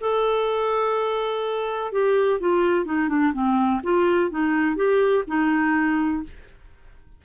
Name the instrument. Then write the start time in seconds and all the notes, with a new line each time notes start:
clarinet
0.00 A4
1.92 G4
2.40 F4
2.85 D#4
3.08 D4
3.33 C4
3.83 F4
4.30 D#4
4.76 G4
5.27 D#4